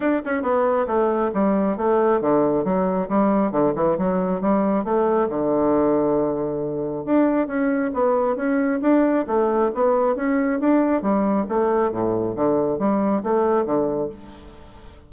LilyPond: \new Staff \with { instrumentName = "bassoon" } { \time 4/4 \tempo 4 = 136 d'8 cis'8 b4 a4 g4 | a4 d4 fis4 g4 | d8 e8 fis4 g4 a4 | d1 |
d'4 cis'4 b4 cis'4 | d'4 a4 b4 cis'4 | d'4 g4 a4 a,4 | d4 g4 a4 d4 | }